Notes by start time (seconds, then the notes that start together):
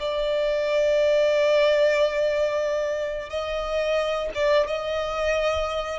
0.00 D5
3.30 D#5
4.35 D5
4.68 D#5